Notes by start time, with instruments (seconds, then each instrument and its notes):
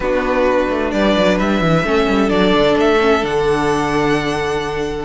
0.00 cello B3, viola D4, violin F#4 B4
0.70 cello A3
0.91 cello G3, violin B4 D5
1.17 cello F#3
1.39 cello G3, violin E5
1.61 cello E3
1.83 cello A3, viola C#4, violin A4
2.07 cello G3
2.28 cello F#3, viola D4, violin D5
2.53 cello D3
2.77 cello A3, violin E5
3.00 viola C#4
3.21 cello D3, viola D4, violin F#5